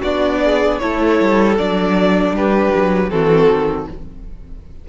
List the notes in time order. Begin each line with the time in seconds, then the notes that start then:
0.00 B3 D4 F#4 D5
0.44 G#4
0.78 A3 E4 A4 C#5
1.20 G3
1.57 F#3 D4 D5
2.31 G3 G4 B4
2.75 F#3
3.09 E3 C4 F#4 A4
3.49 D#3